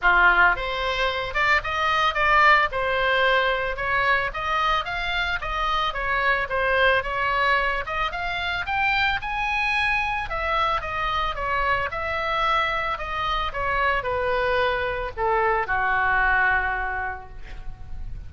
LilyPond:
\new Staff \with { instrumentName = "oboe" } { \time 4/4 \tempo 4 = 111 f'4 c''4. d''8 dis''4 | d''4 c''2 cis''4 | dis''4 f''4 dis''4 cis''4 | c''4 cis''4. dis''8 f''4 |
g''4 gis''2 e''4 | dis''4 cis''4 e''2 | dis''4 cis''4 b'2 | a'4 fis'2. | }